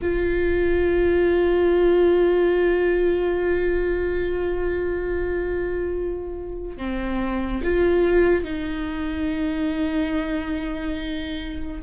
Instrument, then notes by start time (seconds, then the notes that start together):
viola
0.02 F4
6.77 C4
7.63 F4
8.44 D#4